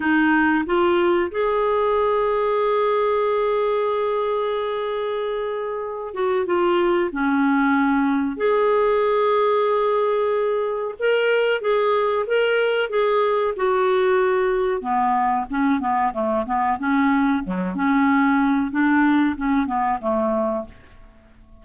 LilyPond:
\new Staff \with { instrumentName = "clarinet" } { \time 4/4 \tempo 4 = 93 dis'4 f'4 gis'2~ | gis'1~ | gis'4. fis'8 f'4 cis'4~ | cis'4 gis'2.~ |
gis'4 ais'4 gis'4 ais'4 | gis'4 fis'2 b4 | cis'8 b8 a8 b8 cis'4 fis8 cis'8~ | cis'4 d'4 cis'8 b8 a4 | }